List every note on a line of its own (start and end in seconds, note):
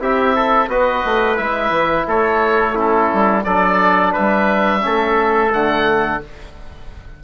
0.00 0.68 C4
0.00 0.69 E4
0.00 0.36 G4
0.00 0.70 E5
0.36 0.71 A4
0.68 1.02 B3
0.68 1.37 F#4
0.68 2.08 B4
0.68 1.37 D#5
1.05 1.39 A3
1.37 1.71 G#3
1.37 2.75 E4
1.37 2.06 E5
1.71 2.05 E3
2.08 3.11 A3
2.08 2.75 A4
2.08 2.79 C#5
2.75 3.45 C#4
2.75 3.44 E4
2.75 3.45 A4
3.14 3.46 G3
3.45 4.15 F#3
3.45 4.81 D4
3.45 4.13 A4
3.45 4.14 D5
4.13 4.86 G3
4.13 4.82 B4
4.13 5.53 E5
4.81 5.53 A3
4.81 5.50 C#4
4.81 6.24 A4
5.52 6.22 D3
5.52 6.21 A3
5.52 6.22 F#5